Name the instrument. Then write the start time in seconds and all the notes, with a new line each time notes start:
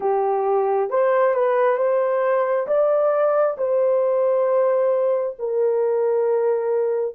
horn
0.00 G4
0.90 C5
1.34 B4
1.77 C5
2.67 D5
3.57 C5
5.38 A#4